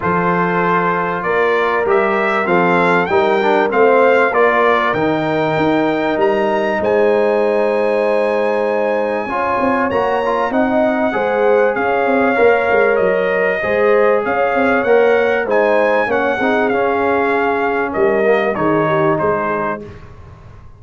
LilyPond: <<
  \new Staff \with { instrumentName = "trumpet" } { \time 4/4 \tempo 4 = 97 c''2 d''4 e''4 | f''4 g''4 f''4 d''4 | g''2 ais''4 gis''4~ | gis''1 |
ais''4 fis''2 f''4~ | f''4 dis''2 f''4 | fis''4 gis''4 fis''4 f''4~ | f''4 dis''4 cis''4 c''4 | }
  \new Staff \with { instrumentName = "horn" } { \time 4/4 a'2 ais'2 | a'4 ais'4 c''4 ais'4~ | ais'2. c''4~ | c''2. cis''4~ |
cis''4 dis''4 c''4 cis''4~ | cis''2 c''4 cis''4~ | cis''4 c''4 cis''8 gis'4.~ | gis'4 ais'4 gis'8 g'8 gis'4 | }
  \new Staff \with { instrumentName = "trombone" } { \time 4/4 f'2. g'4 | c'4 dis'8 d'8 c'4 f'4 | dis'1~ | dis'2. f'4 |
fis'8 f'8 dis'4 gis'2 | ais'2 gis'2 | ais'4 dis'4 cis'8 dis'8 cis'4~ | cis'4. ais8 dis'2 | }
  \new Staff \with { instrumentName = "tuba" } { \time 4/4 f2 ais4 g4 | f4 g4 a4 ais4 | dis4 dis'4 g4 gis4~ | gis2. cis'8 c'8 |
ais4 c'4 gis4 cis'8 c'8 | ais8 gis8 fis4 gis4 cis'8 c'8 | ais4 gis4 ais8 c'8 cis'4~ | cis'4 g4 dis4 gis4 | }
>>